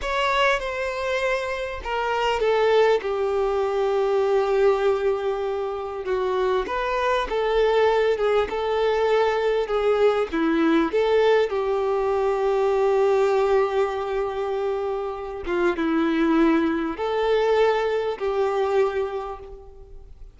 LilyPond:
\new Staff \with { instrumentName = "violin" } { \time 4/4 \tempo 4 = 99 cis''4 c''2 ais'4 | a'4 g'2.~ | g'2 fis'4 b'4 | a'4. gis'8 a'2 |
gis'4 e'4 a'4 g'4~ | g'1~ | g'4. f'8 e'2 | a'2 g'2 | }